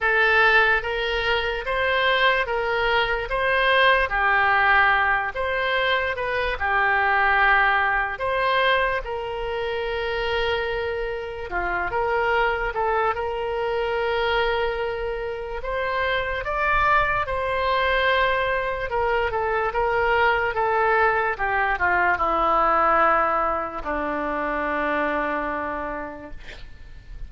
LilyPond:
\new Staff \with { instrumentName = "oboe" } { \time 4/4 \tempo 4 = 73 a'4 ais'4 c''4 ais'4 | c''4 g'4. c''4 b'8 | g'2 c''4 ais'4~ | ais'2 f'8 ais'4 a'8 |
ais'2. c''4 | d''4 c''2 ais'8 a'8 | ais'4 a'4 g'8 f'8 e'4~ | e'4 d'2. | }